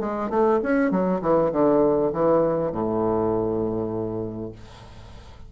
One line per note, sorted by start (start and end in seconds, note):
0.00 0.30 G#3
0.30 0.60 A3
0.63 0.91 C#4
0.91 1.21 F#3
1.22 1.52 E3
1.52 2.12 D3
2.13 2.72 E3
2.72 4.52 A2